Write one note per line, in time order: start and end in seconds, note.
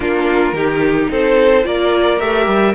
0.00 0.52 A#3
0.00 0.55 D4
0.00 0.54 F4
0.00 1.10 A#4
0.52 1.07 D#3
0.52 1.63 D#4
0.52 1.10 G4
1.10 1.65 C4
1.10 1.65 A4
1.10 1.65 C5
1.63 2.20 A#3
1.63 2.18 F4
1.63 2.75 A#4
1.63 2.19 D5
2.19 2.46 A3
2.19 2.75 G4
2.19 2.74 E5
2.46 2.74 G3